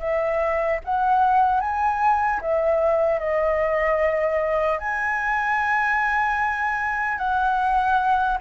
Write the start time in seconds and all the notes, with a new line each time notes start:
0.00 E5
0.85 F#5
1.61 G#5
2.42 E5
3.19 D#5
4.79 G#5
7.19 F#5